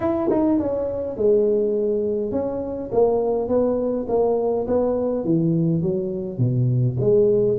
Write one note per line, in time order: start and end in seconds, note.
0.00 0.29 E4
0.30 0.59 D#4
0.59 1.17 C#4
1.17 2.31 G#3
2.31 2.89 C#4
2.92 3.48 A#3
3.48 4.06 B3
4.08 4.66 A#3
4.67 5.24 B3
5.24 5.81 E3
5.81 6.38 F#3
6.38 6.96 B2
7.00 7.58 G#3